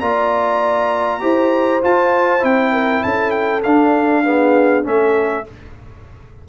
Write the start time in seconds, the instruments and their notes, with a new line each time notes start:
0.00 tuba A#3, trombone F4, horn D5, trumpet A#5
1.20 tuba E4, trombone G4, horn C5
1.82 trombone F4, tuba F4, trumpet A5
2.40 tuba C4, trombone E4, trumpet G5
2.72 horn A#4
3.03 tuba C#4, horn A4, trumpet A5
3.31 trumpet G5
3.63 tuba D4, trombone D4, trumpet F5
4.24 trombone B3, horn G#4
4.83 tuba A3, trombone C#4, horn A4, trumpet E5